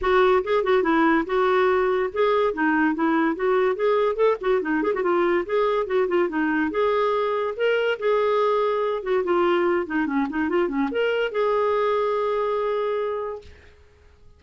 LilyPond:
\new Staff \with { instrumentName = "clarinet" } { \time 4/4 \tempo 4 = 143 fis'4 gis'8 fis'8 e'4 fis'4~ | fis'4 gis'4 dis'4 e'4 | fis'4 gis'4 a'8 fis'8 dis'8 gis'16 fis'16 | f'4 gis'4 fis'8 f'8 dis'4 |
gis'2 ais'4 gis'4~ | gis'4. fis'8 f'4. dis'8 | cis'8 dis'8 f'8 cis'8 ais'4 gis'4~ | gis'1 | }